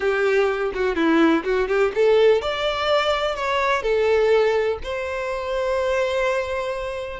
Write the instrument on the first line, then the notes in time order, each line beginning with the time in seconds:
violin
0.00 G4
0.74 F#4
0.95 E4
1.44 F#4
1.68 G4
1.94 A4
2.41 D5
3.35 C#5
3.82 A4
4.83 C5